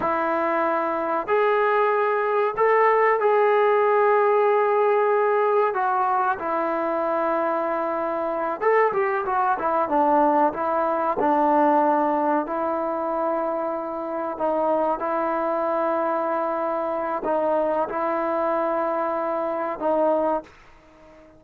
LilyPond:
\new Staff \with { instrumentName = "trombone" } { \time 4/4 \tempo 4 = 94 e'2 gis'2 | a'4 gis'2.~ | gis'4 fis'4 e'2~ | e'4. a'8 g'8 fis'8 e'8 d'8~ |
d'8 e'4 d'2 e'8~ | e'2~ e'8 dis'4 e'8~ | e'2. dis'4 | e'2. dis'4 | }